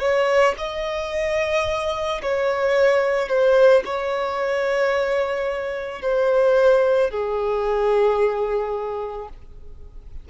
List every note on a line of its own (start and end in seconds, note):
0.00 0.55 C#5
0.58 2.22 D#5
2.22 3.28 C#5
3.28 3.83 C5
3.85 6.02 C#5
6.02 7.11 C5
7.11 9.29 G#4